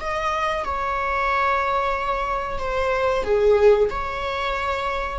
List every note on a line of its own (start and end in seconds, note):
0.00 0.64 D#5
0.64 2.58 C#5
2.58 3.23 C5
3.23 3.89 G#4
3.90 5.19 C#5